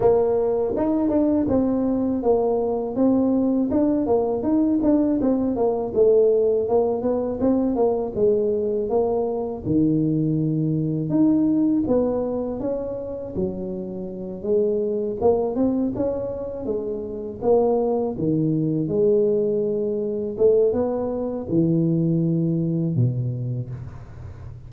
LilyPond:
\new Staff \with { instrumentName = "tuba" } { \time 4/4 \tempo 4 = 81 ais4 dis'8 d'8 c'4 ais4 | c'4 d'8 ais8 dis'8 d'8 c'8 ais8 | a4 ais8 b8 c'8 ais8 gis4 | ais4 dis2 dis'4 |
b4 cis'4 fis4. gis8~ | gis8 ais8 c'8 cis'4 gis4 ais8~ | ais8 dis4 gis2 a8 | b4 e2 b,4 | }